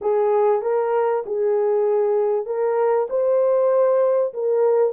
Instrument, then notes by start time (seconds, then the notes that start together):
horn
0.01 G#4
0.62 A#4
1.25 G#4
2.45 A#4
3.09 C5
4.33 A#4